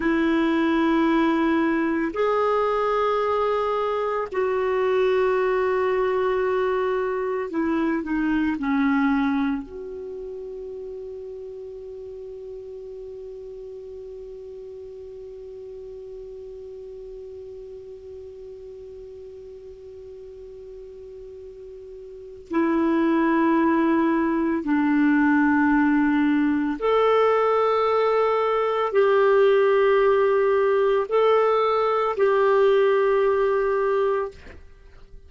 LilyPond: \new Staff \with { instrumentName = "clarinet" } { \time 4/4 \tempo 4 = 56 e'2 gis'2 | fis'2. e'8 dis'8 | cis'4 fis'2.~ | fis'1~ |
fis'1~ | fis'4 e'2 d'4~ | d'4 a'2 g'4~ | g'4 a'4 g'2 | }